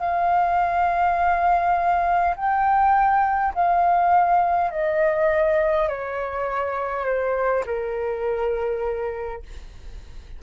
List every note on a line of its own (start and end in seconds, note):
0.00 2.35 F5
2.36 3.53 G5
3.55 4.71 F5
4.71 5.88 D#5
5.88 7.05 C#5
7.05 7.64 C5
7.66 9.42 A#4